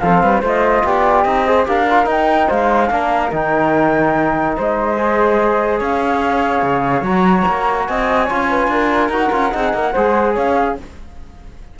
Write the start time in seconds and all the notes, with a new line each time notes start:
0.00 F3 C4 A4 F5
0.22 G3 B4
0.41 A3 F4 C5 D#5
0.84 B3 G4 D5
1.24 C4 D#4 D#5
1.47 G#4 C5
1.65 D4 G4 A#4 F5
1.90 F4
2.04 D#4
2.11 G5
2.48 G#3 C5 F5
2.90 A#3 D4 A#4
3.31 D#3 D#4 G5
4.55 G#3 C5 D#5
4.97 G#4
5.78 C#4 C#5 F5
6.63 C#3
7.02 F#3 F#4 A#5
7.48 A#3
7.87 C4 D#5 G#5
8.25 C#4 F4 C#5
8.49 B4
8.67 D4 A#4
9.09 D#4 F#4 F#5
9.32 C#4 F4
9.52 C4 D#4 G#4
9.74 A#3 A#4
9.93 G#3 G#4 C5
10.33 C#4 C#5 F5